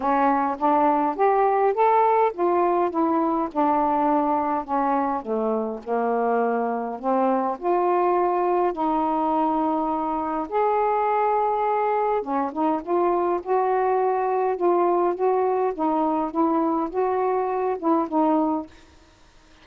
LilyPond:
\new Staff \with { instrumentName = "saxophone" } { \time 4/4 \tempo 4 = 103 cis'4 d'4 g'4 a'4 | f'4 e'4 d'2 | cis'4 a4 ais2 | c'4 f'2 dis'4~ |
dis'2 gis'2~ | gis'4 cis'8 dis'8 f'4 fis'4~ | fis'4 f'4 fis'4 dis'4 | e'4 fis'4. e'8 dis'4 | }